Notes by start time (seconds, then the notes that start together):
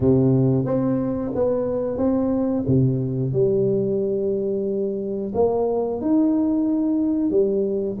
0.00 C3
0.65 C4
1.35 B3
1.97 C4
2.67 C3
3.32 G3
5.34 A#3
6.01 D#4
7.30 G3